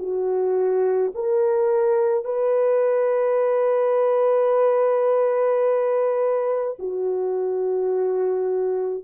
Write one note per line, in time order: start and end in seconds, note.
0.00 1.13 F#4
1.15 2.25 A#4
2.25 6.78 B4
6.79 9.04 F#4